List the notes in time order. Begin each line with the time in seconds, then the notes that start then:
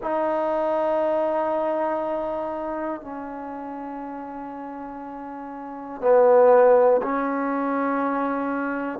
0.01 D#4
3.00 C#4
6.01 B3
7.02 C#4